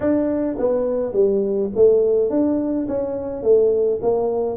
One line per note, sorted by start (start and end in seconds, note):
0.00 0.56 D4
0.58 1.12 B3
1.12 1.69 G3
1.75 2.30 A3
2.30 2.87 D4
2.88 3.43 C#4
3.43 4.00 A3
4.02 4.56 A#3